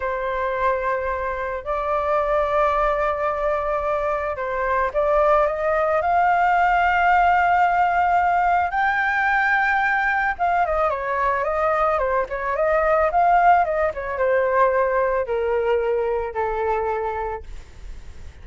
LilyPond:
\new Staff \with { instrumentName = "flute" } { \time 4/4 \tempo 4 = 110 c''2. d''4~ | d''1 | c''4 d''4 dis''4 f''4~ | f''1 |
g''2. f''8 dis''8 | cis''4 dis''4 c''8 cis''8 dis''4 | f''4 dis''8 cis''8 c''2 | ais'2 a'2 | }